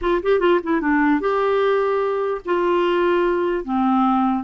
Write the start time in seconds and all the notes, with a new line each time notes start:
0.01 F4
0.22 G4
0.39 F4
0.63 E4
0.81 D4
1.20 G4
2.45 F4
3.64 C4